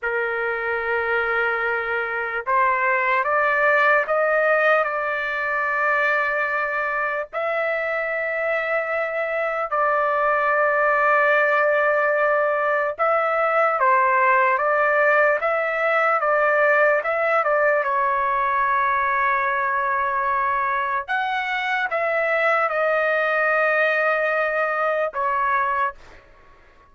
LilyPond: \new Staff \with { instrumentName = "trumpet" } { \time 4/4 \tempo 4 = 74 ais'2. c''4 | d''4 dis''4 d''2~ | d''4 e''2. | d''1 |
e''4 c''4 d''4 e''4 | d''4 e''8 d''8 cis''2~ | cis''2 fis''4 e''4 | dis''2. cis''4 | }